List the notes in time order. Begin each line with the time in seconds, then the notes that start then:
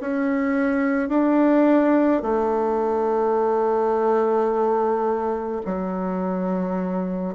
0.00 C#4
1.09 D4
2.22 A3
5.65 F#3